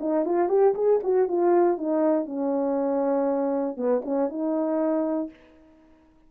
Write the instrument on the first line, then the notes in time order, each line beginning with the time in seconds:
horn
0.00 D#4
0.25 F4
0.49 G4
0.75 G#4
1.03 F#4
1.28 F4
1.78 D#4
2.26 C#4
3.77 B3
4.05 C#4
4.29 D#4